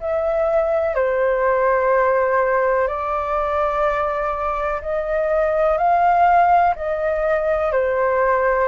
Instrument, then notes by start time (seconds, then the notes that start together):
flute
0.00 E5
0.95 C5
2.87 D5
4.82 D#5
5.78 F5
6.75 D#5
7.72 C5